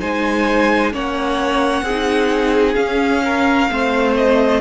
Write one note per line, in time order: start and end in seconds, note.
0.00 0.93 G#3
0.00 0.92 D#4
0.00 0.92 C5
0.00 0.93 G#5
0.92 1.82 A#3
0.92 1.84 C#4
0.92 1.84 C#5
0.92 2.75 F#5
1.82 2.74 C4
1.82 3.22 G#4
1.89 2.75 D#4
2.75 3.67 C#4
2.75 3.69 C#4
2.75 4.13 F5
3.24 3.70 A#4
3.70 4.61 A3
3.70 4.61 C4
3.70 4.61 C5
4.16 4.61 D#5